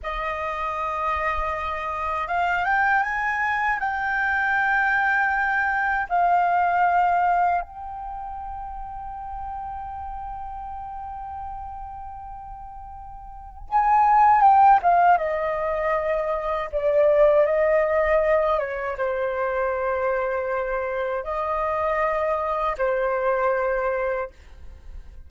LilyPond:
\new Staff \with { instrumentName = "flute" } { \time 4/4 \tempo 4 = 79 dis''2. f''8 g''8 | gis''4 g''2. | f''2 g''2~ | g''1~ |
g''2 gis''4 g''8 f''8 | dis''2 d''4 dis''4~ | dis''8 cis''8 c''2. | dis''2 c''2 | }